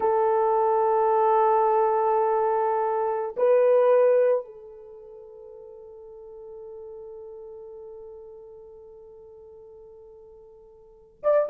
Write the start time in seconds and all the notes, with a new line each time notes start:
0.00 A4
3.36 B4
4.45 A4
11.23 D5